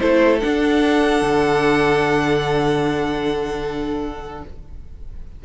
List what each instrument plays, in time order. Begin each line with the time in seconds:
0.00 cello A3, viola E4, violin A4 C5
0.40 viola D4, cello D4, violin F#5
1.22 cello D3